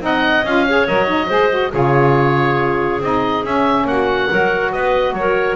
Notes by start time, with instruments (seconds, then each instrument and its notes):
0.00 double bass C4, saxophone D#4, clarinet D#5, oboe F#5
0.44 double bass C#4, saxophone F4, oboe F5
0.67 saxophone G#4, clarinet C#5
0.87 double bass F#3, saxophone A#4, oboe D#5
1.06 saxophone D#4
1.27 double bass G#3, saxophone G#4, clarinet C5
1.49 saxophone F#4
1.71 double bass C#3, saxophone F4, clarinet G#4, oboe C#5
3.00 double bass C4, saxophone D#4, oboe D#5
3.43 double bass C#4, saxophone C#4, oboe E5
3.84 double bass A#3, oboe F#5
3.91 clarinet F#4
4.29 double bass F#3, saxophone F#4, clarinet A#4
4.72 double bass B3, clarinet B4, oboe D#5
5.12 double bass F#3, oboe C#5
5.19 clarinet A#4